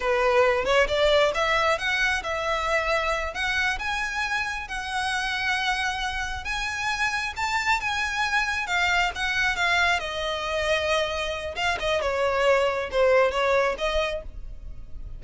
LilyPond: \new Staff \with { instrumentName = "violin" } { \time 4/4 \tempo 4 = 135 b'4. cis''8 d''4 e''4 | fis''4 e''2~ e''8 fis''8~ | fis''8 gis''2 fis''4.~ | fis''2~ fis''8 gis''4.~ |
gis''8 a''4 gis''2 f''8~ | f''8 fis''4 f''4 dis''4.~ | dis''2 f''8 dis''8 cis''4~ | cis''4 c''4 cis''4 dis''4 | }